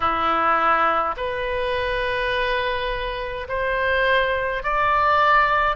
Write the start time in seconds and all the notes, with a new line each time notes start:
0.00 E4
1.16 B4
3.48 C5
4.63 D5